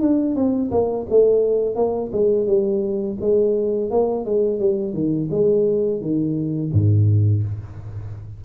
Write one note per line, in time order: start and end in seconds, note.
0.00 0.35 D4
0.35 0.70 C4
0.71 1.06 A#3
1.09 1.75 A3
1.75 2.10 A#3
2.12 2.46 G#3
2.46 3.17 G3
3.20 3.90 G#3
3.90 4.24 A#3
4.24 4.59 G#3
4.59 4.93 G3
4.93 5.28 D#3
5.30 6.01 G#3
6.01 6.71 D#3
6.72 7.43 G#2